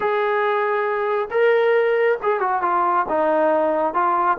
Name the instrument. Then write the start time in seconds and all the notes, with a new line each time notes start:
trombone
0.00 G#4
1.30 A#4
2.22 G#4
2.40 F#4
2.62 F4
3.08 D#4
3.94 F4